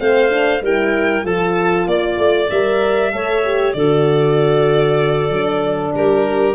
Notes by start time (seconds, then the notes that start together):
0.00 A3 C4 C5 F5
0.30 D4
0.62 G3 E4 A#4 G5
1.24 F3 F4 A4 A5
1.87 A#3 D5
2.19 A3
2.50 G3 A#4 E5
3.12 A3 A4 C#5
3.45 G4
3.73 D3 F#4 A4 D5
5.30 F#3 D4
5.95 G3 G4 A#4